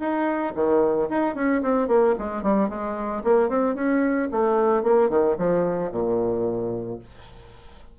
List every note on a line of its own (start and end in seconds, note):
0.00 0.54 D#4
0.56 1.09 D#3
1.10 1.35 D#4
1.35 1.62 C#4
1.63 1.88 C4
1.88 2.15 A#3
2.19 2.43 G#3
2.43 2.70 G3
2.70 3.23 G#3
3.24 3.49 A#3
3.49 3.75 C4
3.75 4.29 C#4
4.32 4.83 A3
4.83 5.10 A#3
5.10 5.37 D#3
5.38 5.92 F3
5.92 6.99 A#2